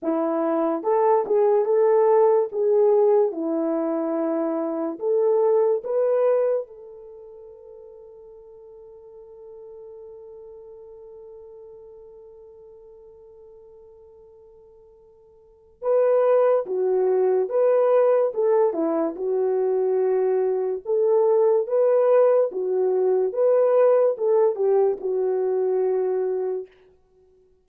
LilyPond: \new Staff \with { instrumentName = "horn" } { \time 4/4 \tempo 4 = 72 e'4 a'8 gis'8 a'4 gis'4 | e'2 a'4 b'4 | a'1~ | a'1~ |
a'2. b'4 | fis'4 b'4 a'8 e'8 fis'4~ | fis'4 a'4 b'4 fis'4 | b'4 a'8 g'8 fis'2 | }